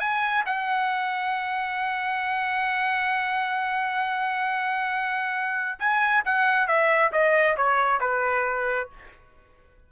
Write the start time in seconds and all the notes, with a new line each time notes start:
0.00 G#5
0.46 F#5
5.80 G#5
6.25 F#5
6.68 E5
7.13 D#5
7.57 C#5
8.01 B4